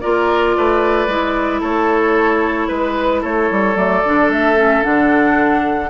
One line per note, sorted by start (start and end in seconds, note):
0.00 0.57 A#3
0.00 1.09 F4
0.00 0.56 A#4
0.00 1.61 D5
0.57 1.07 A3
0.57 1.60 B4
1.07 1.61 G#3
1.07 3.76 E4
1.60 2.69 A3
1.60 2.68 A4
1.60 2.68 C#5
2.68 3.23 G#3
2.68 3.21 B4
2.68 3.22 B4
3.21 3.50 A3
3.21 5.89 A4
3.21 3.76 C#5
3.51 3.75 G3
3.75 4.02 F#3
3.75 4.03 A3
3.75 4.30 D5
4.05 4.29 D3
4.05 4.56 D4
4.29 4.82 A3
4.29 4.83 E5
4.56 4.83 C#4
4.83 5.90 D3
4.83 5.90 D4
4.83 5.90 F#5